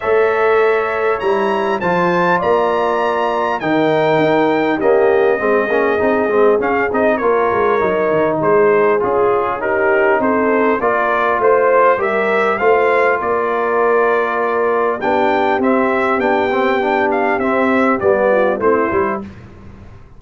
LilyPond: <<
  \new Staff \with { instrumentName = "trumpet" } { \time 4/4 \tempo 4 = 100 e''2 ais''4 a''4 | ais''2 g''2 | dis''2. f''8 dis''8 | cis''2 c''4 gis'4 |
ais'4 c''4 d''4 c''4 | e''4 f''4 d''2~ | d''4 g''4 e''4 g''4~ | g''8 f''8 e''4 d''4 c''4 | }
  \new Staff \with { instrumentName = "horn" } { \time 4/4 cis''2. c''4 | d''2 ais'2 | g'4 gis'2. | ais'2 gis'2 |
g'4 a'4 ais'4 c''4 | ais'4 c''4 ais'2~ | ais'4 g'2.~ | g'2~ g'8 f'8 e'4 | }
  \new Staff \with { instrumentName = "trombone" } { \time 4/4 a'2 e'4 f'4~ | f'2 dis'2 | ais4 c'8 cis'8 dis'8 c'8 cis'8 dis'8 | f'4 dis'2 f'4 |
dis'2 f'2 | g'4 f'2.~ | f'4 d'4 c'4 d'8 c'8 | d'4 c'4 b4 c'8 e'8 | }
  \new Staff \with { instrumentName = "tuba" } { \time 4/4 a2 g4 f4 | ais2 dis4 dis'4 | cis'4 gis8 ais8 c'8 gis8 cis'8 c'8 | ais8 gis8 fis8 dis8 gis4 cis'4~ |
cis'4 c'4 ais4 a4 | g4 a4 ais2~ | ais4 b4 c'4 b4~ | b4 c'4 g4 a8 g8 | }
>>